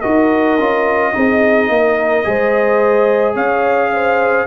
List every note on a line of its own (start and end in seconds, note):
0.00 0.58 D#4
0.00 0.58 F#4
0.00 1.11 A#4
0.00 3.33 D#5
0.58 1.14 C#4
0.58 1.13 F4
1.13 1.69 C4
1.13 2.24 D#4
1.13 1.70 G#4
1.69 2.24 A#3
1.69 2.27 A#4
2.24 3.35 G#3
2.24 4.46 G#4
2.24 3.34 C5
3.34 4.46 C#4
3.34 3.90 C#5
3.34 4.46 F5
3.92 4.46 C5